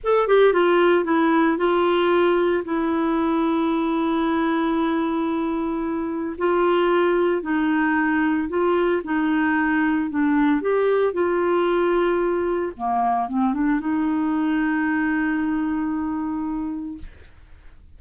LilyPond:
\new Staff \with { instrumentName = "clarinet" } { \time 4/4 \tempo 4 = 113 a'8 g'8 f'4 e'4 f'4~ | f'4 e'2.~ | e'1 | f'2 dis'2 |
f'4 dis'2 d'4 | g'4 f'2. | ais4 c'8 d'8 dis'2~ | dis'1 | }